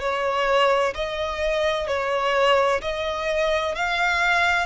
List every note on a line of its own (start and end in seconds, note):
0.00 0.94 C#5
0.94 1.87 D#5
1.87 2.81 C#5
2.81 3.75 D#5
3.75 4.66 F5